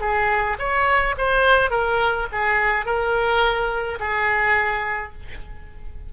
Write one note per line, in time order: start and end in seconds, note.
0.00 0.57 G#4
0.59 1.15 C#5
1.18 1.70 C5
1.70 2.27 A#4
2.32 2.85 G#4
2.85 3.98 A#4
3.99 5.13 G#4